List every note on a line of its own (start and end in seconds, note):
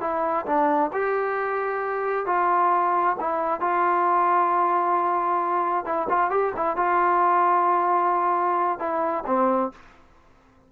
0.00 0.45 E4
0.46 0.91 D4
0.92 2.26 G4
2.26 3.16 F4
3.20 3.60 E4
3.60 5.85 F4
5.85 6.08 E4
6.09 6.30 F4
6.30 6.52 G4
6.56 6.76 E4
6.76 8.79 F4
8.79 9.24 E4
9.26 9.71 C4